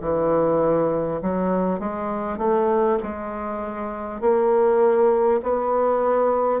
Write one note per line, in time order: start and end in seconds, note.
0.00 1.20 E3
1.22 1.79 F#3
1.79 2.38 G#3
2.38 2.98 A3
3.03 4.21 G#3
4.21 5.41 A#3
5.43 6.60 B3